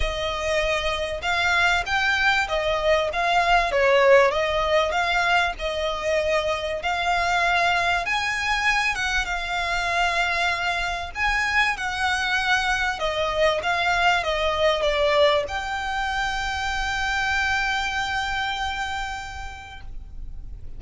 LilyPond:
\new Staff \with { instrumentName = "violin" } { \time 4/4 \tempo 4 = 97 dis''2 f''4 g''4 | dis''4 f''4 cis''4 dis''4 | f''4 dis''2 f''4~ | f''4 gis''4. fis''8 f''4~ |
f''2 gis''4 fis''4~ | fis''4 dis''4 f''4 dis''4 | d''4 g''2.~ | g''1 | }